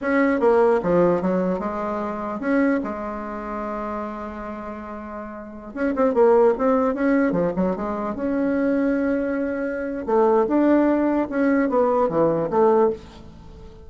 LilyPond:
\new Staff \with { instrumentName = "bassoon" } { \time 4/4 \tempo 4 = 149 cis'4 ais4 f4 fis4 | gis2 cis'4 gis4~ | gis1~ | gis2~ gis16 cis'8 c'8 ais8.~ |
ais16 c'4 cis'4 f8 fis8 gis8.~ | gis16 cis'2.~ cis'8.~ | cis'4 a4 d'2 | cis'4 b4 e4 a4 | }